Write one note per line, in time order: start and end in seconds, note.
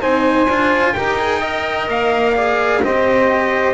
0.00 0.47 C4
0.00 0.47 D#4
0.00 0.94 C5
0.00 0.93 G#5
0.47 0.94 D4
0.47 0.96 F4
0.93 1.88 D#4
0.93 1.18 G4
0.93 1.39 A#4
0.93 1.87 G5
1.18 1.40 G#4
1.39 2.34 A#4
1.39 2.33 D#5
1.88 2.81 A#3
1.88 2.83 F5
2.34 2.81 G#4
2.34 2.81 D5
2.82 3.74 C4
2.82 3.74 G4
2.82 3.74 C5
2.82 3.74 D#5